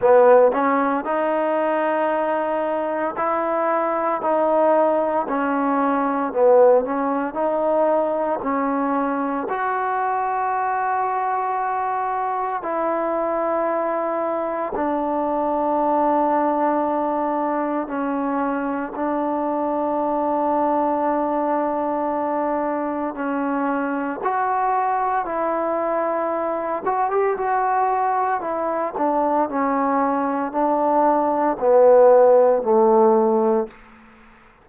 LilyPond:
\new Staff \with { instrumentName = "trombone" } { \time 4/4 \tempo 4 = 57 b8 cis'8 dis'2 e'4 | dis'4 cis'4 b8 cis'8 dis'4 | cis'4 fis'2. | e'2 d'2~ |
d'4 cis'4 d'2~ | d'2 cis'4 fis'4 | e'4. fis'16 g'16 fis'4 e'8 d'8 | cis'4 d'4 b4 a4 | }